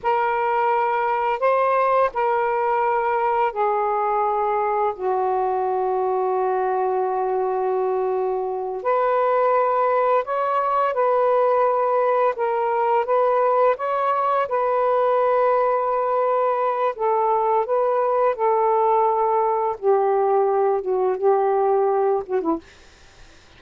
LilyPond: \new Staff \with { instrumentName = "saxophone" } { \time 4/4 \tempo 4 = 85 ais'2 c''4 ais'4~ | ais'4 gis'2 fis'4~ | fis'1~ | fis'8 b'2 cis''4 b'8~ |
b'4. ais'4 b'4 cis''8~ | cis''8 b'2.~ b'8 | a'4 b'4 a'2 | g'4. fis'8 g'4. fis'16 e'16 | }